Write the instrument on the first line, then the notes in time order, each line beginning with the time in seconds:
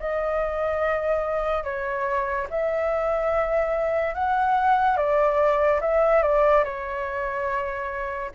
flute
0.00 D#5
1.64 C#5
2.51 E5
4.15 F#5
4.97 D5
5.81 E5
6.23 D5
6.65 C#5